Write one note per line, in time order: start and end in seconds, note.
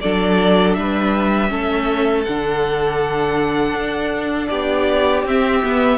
0.00 0.77 F#3
0.00 1.49 D4
0.00 0.77 A4
0.00 0.73 D5
0.73 1.50 G3
0.73 2.23 E5
0.79 1.50 B4
1.49 2.25 A3
1.49 2.24 C#4
1.49 4.49 A4
2.24 3.74 D3
2.24 5.27 D4
2.24 4.48 F#5
3.74 4.49 D4
4.48 5.24 B3
4.48 5.98 G4
4.48 5.23 D5
5.24 5.62 C4
5.24 5.64 C4
5.24 5.98 E5
5.63 5.98 B3